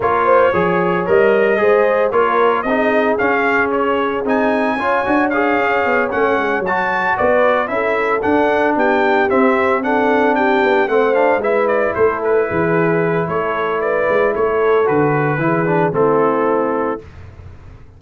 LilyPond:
<<
  \new Staff \with { instrumentName = "trumpet" } { \time 4/4 \tempo 4 = 113 cis''2 dis''2 | cis''4 dis''4 f''4 cis''4 | gis''2 f''4. fis''8~ | fis''8 a''4 d''4 e''4 fis''8~ |
fis''8 g''4 e''4 fis''4 g''8~ | g''8 fis''8 f''8 e''8 d''8 c''8 b'4~ | b'4 cis''4 d''4 cis''4 | b'2 a'2 | }
  \new Staff \with { instrumentName = "horn" } { \time 4/4 ais'8 c''8 cis''2 c''4 | ais'4 gis'2.~ | gis'4 cis''2.~ | cis''4. b'4 a'4.~ |
a'8 g'2 a'4 g'8~ | g'8 c''4 b'4 a'4 gis'8~ | gis'4 a'4 b'4 a'4~ | a'4 gis'4 e'2 | }
  \new Staff \with { instrumentName = "trombone" } { \time 4/4 f'4 gis'4 ais'4 gis'4 | f'4 dis'4 cis'2 | dis'4 f'8 fis'8 gis'4. cis'8~ | cis'8 fis'2 e'4 d'8~ |
d'4. c'4 d'4.~ | d'8 c'8 d'8 e'2~ e'8~ | e'1 | fis'4 e'8 d'8 c'2 | }
  \new Staff \with { instrumentName = "tuba" } { \time 4/4 ais4 f4 g4 gis4 | ais4 c'4 cis'2 | c'4 cis'8 d'4 cis'8 b8 a8 | gis8 fis4 b4 cis'4 d'8~ |
d'8 b4 c'2~ c'8 | b8 a4 gis4 a4 e8~ | e4 a4. gis8 a4 | d4 e4 a2 | }
>>